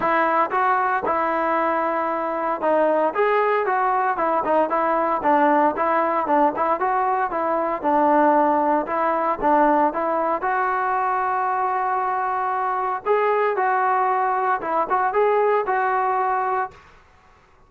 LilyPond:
\new Staff \with { instrumentName = "trombone" } { \time 4/4 \tempo 4 = 115 e'4 fis'4 e'2~ | e'4 dis'4 gis'4 fis'4 | e'8 dis'8 e'4 d'4 e'4 | d'8 e'8 fis'4 e'4 d'4~ |
d'4 e'4 d'4 e'4 | fis'1~ | fis'4 gis'4 fis'2 | e'8 fis'8 gis'4 fis'2 | }